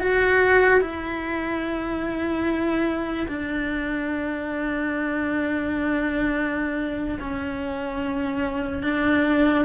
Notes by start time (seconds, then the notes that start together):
0.00 F#4
0.81 E4
3.28 D4
7.20 C#4
8.83 D4